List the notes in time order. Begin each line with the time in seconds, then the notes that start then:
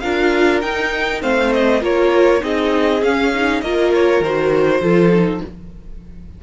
0.00 D4 F4 A#4 F5
0.61 D#4 G5
1.22 A3 C4 C5 F5
1.53 D#5
1.81 A#3 F4 A#4 C#5
2.40 C4 D#4 G#4 D#5
3.02 C#4 F5
3.34 D#4
3.61 A#3 F4 A#4 D#5
3.94 C#5
4.20 D#3 F#4 C5
4.81 F3 F4 A4
5.13 D#4